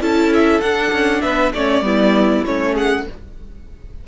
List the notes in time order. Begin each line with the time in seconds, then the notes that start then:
0.00 C#4 E4 A4 A5
0.33 E5
0.61 D4 F#5
0.92 C#4
1.21 B3 B4 E5
1.53 A3 C#4 C#5 D5
1.81 G3 B3 E4
2.45 A3 C#4 C#5
2.72 G#4 F#5